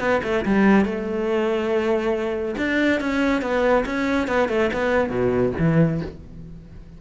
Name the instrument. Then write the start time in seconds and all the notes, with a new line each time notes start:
cello
0.00 B3
0.24 A3
0.45 G3
0.85 A3
2.58 D4
3.01 C#4
3.42 B3
3.86 C#4
4.28 B3
4.49 A3
4.73 B3
5.10 B2
5.59 E3